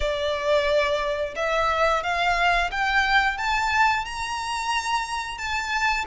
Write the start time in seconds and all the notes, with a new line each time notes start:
0.00 D5
1.35 E5
2.03 F5
2.71 G5
3.37 A5
4.04 A#5
5.37 A5